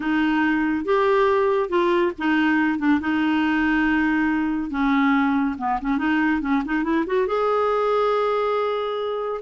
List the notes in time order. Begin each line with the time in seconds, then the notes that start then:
0.00 D#4
0.84 G4
1.69 F4
2.18 D#4
2.78 D4
3.00 D#4
4.70 C#4
5.58 B3
5.81 C#4
5.98 D#4
6.41 C#4
6.65 D#4
6.83 E4
7.06 F#4
7.27 G#4